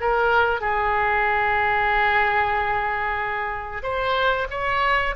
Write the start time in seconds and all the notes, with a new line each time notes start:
0.00 A#4
0.60 G#4
3.82 C5
4.50 C#5